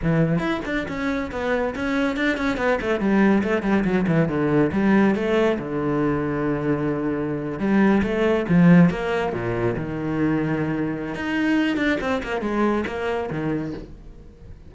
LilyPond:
\new Staff \with { instrumentName = "cello" } { \time 4/4 \tempo 4 = 140 e4 e'8 d'8 cis'4 b4 | cis'4 d'8 cis'8 b8 a8 g4 | a8 g8 fis8 e8 d4 g4 | a4 d2.~ |
d4.~ d16 g4 a4 f16~ | f8. ais4 ais,4 dis4~ dis16~ | dis2 dis'4. d'8 | c'8 ais8 gis4 ais4 dis4 | }